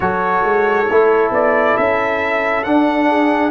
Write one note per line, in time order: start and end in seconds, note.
0.00 0.43 F#3
0.00 0.86 F#4
0.00 3.09 A4
0.00 1.32 C#5
0.43 0.87 G#3
0.89 1.31 A3
0.89 2.64 E4
1.31 1.75 B3
1.31 1.77 D5
1.77 2.65 C#4
1.77 2.63 E5
2.63 3.51 D4
2.63 3.51 F#5
3.09 3.51 G#4